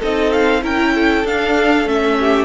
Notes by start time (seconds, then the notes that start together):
0.00 C4 D#4 A4 D#5
0.32 F5
0.62 C#4 E4 A#4 G5
0.95 A4
1.25 D4 F5
1.85 A3 C#4 E5
2.20 G4